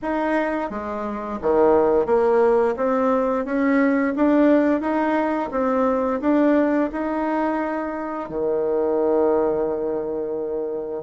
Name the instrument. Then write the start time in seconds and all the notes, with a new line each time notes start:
bassoon
0.02 D#4
0.70 G#3
1.41 D#3
2.06 A#3
2.76 C4
3.45 C#4
4.16 D4
4.80 D#4
5.51 C4
6.21 D4
6.92 D#4
8.29 D#3